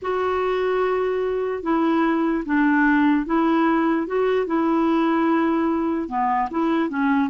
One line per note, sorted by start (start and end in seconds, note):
0.02 1.63 F#4
1.63 2.44 E4
2.45 3.26 D4
3.26 4.07 E4
4.07 4.46 F#4
4.46 6.08 E4
6.08 6.49 B3
6.50 6.89 E4
6.89 7.30 C#4